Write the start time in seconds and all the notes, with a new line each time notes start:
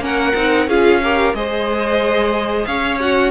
0.00 A#3 C#4 A#4 F#5
0.36 C4 D#4
0.68 C#4 F4 G#4 F5
1.03 G4 A#4
1.34 G#3 G#4 C5 D#5
2.66 C#4 C#5 F5
3.00 F#4 F#5